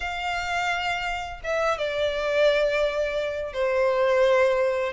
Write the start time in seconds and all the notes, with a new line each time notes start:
0.00 F5
1.43 E5
1.77 D5
3.53 C5